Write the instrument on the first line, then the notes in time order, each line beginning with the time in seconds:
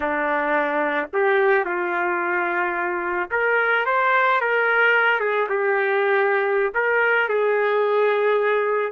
trumpet
0.00 D4
1.13 G4
1.65 F4
3.30 A#4
3.85 C5
4.40 A#4
5.19 G#4
5.49 G4
6.74 A#4
7.28 G#4